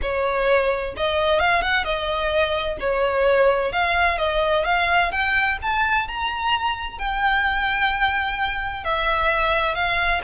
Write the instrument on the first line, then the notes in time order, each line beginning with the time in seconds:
violin
0.01 C#5
0.96 D#5
1.39 F5
1.61 F#5
1.84 D#5
2.79 C#5
3.72 F5
4.18 D#5
4.64 F5
5.11 G5
5.62 A5
6.07 A#5
6.98 G5
8.84 E5
9.74 F5